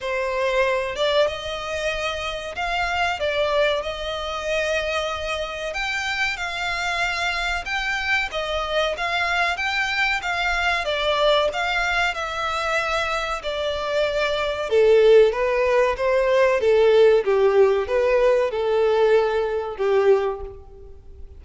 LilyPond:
\new Staff \with { instrumentName = "violin" } { \time 4/4 \tempo 4 = 94 c''4. d''8 dis''2 | f''4 d''4 dis''2~ | dis''4 g''4 f''2 | g''4 dis''4 f''4 g''4 |
f''4 d''4 f''4 e''4~ | e''4 d''2 a'4 | b'4 c''4 a'4 g'4 | b'4 a'2 g'4 | }